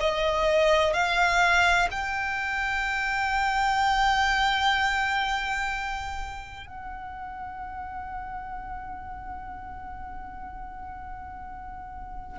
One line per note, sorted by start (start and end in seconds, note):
0.00 0.93 D#5
0.93 1.88 F5
1.90 6.67 G5
6.67 12.38 F#5